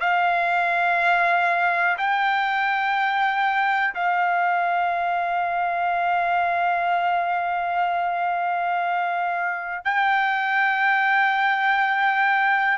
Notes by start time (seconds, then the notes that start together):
0.00 F5
1.97 G5
3.94 F5
9.84 G5